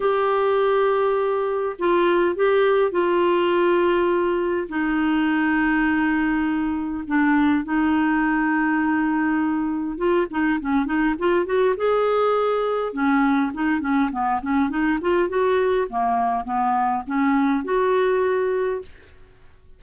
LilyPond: \new Staff \with { instrumentName = "clarinet" } { \time 4/4 \tempo 4 = 102 g'2. f'4 | g'4 f'2. | dis'1 | d'4 dis'2.~ |
dis'4 f'8 dis'8 cis'8 dis'8 f'8 fis'8 | gis'2 cis'4 dis'8 cis'8 | b8 cis'8 dis'8 f'8 fis'4 ais4 | b4 cis'4 fis'2 | }